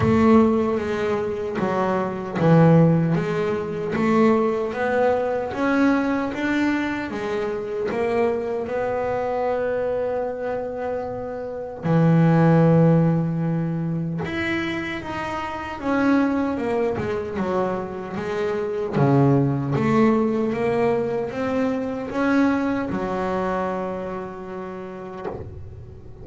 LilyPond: \new Staff \with { instrumentName = "double bass" } { \time 4/4 \tempo 4 = 76 a4 gis4 fis4 e4 | gis4 a4 b4 cis'4 | d'4 gis4 ais4 b4~ | b2. e4~ |
e2 e'4 dis'4 | cis'4 ais8 gis8 fis4 gis4 | cis4 a4 ais4 c'4 | cis'4 fis2. | }